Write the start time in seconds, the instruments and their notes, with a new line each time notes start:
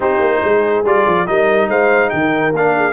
0.00 tuba C4, trombone D#4, horn G4, trumpet C5
0.19 tuba A#3
0.42 tuba G#3, horn G#4
0.84 tuba G3, trombone F4, trumpet D5
1.06 tuba F3
1.26 tuba G3, trombone D#4, horn A#4, trumpet D#5
1.67 tuba G#3, horn C5, trumpet F5
2.09 tuba D#3, horn A#4, trumpet G5
2.52 tuba A#3, trombone D4, trumpet F5
2.76 horn G#4